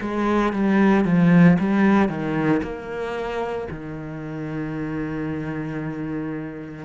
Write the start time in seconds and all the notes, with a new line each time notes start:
0.00 G#3
0.53 G3
1.04 F3
1.59 G3
2.08 D#3
2.62 A#3
3.70 D#3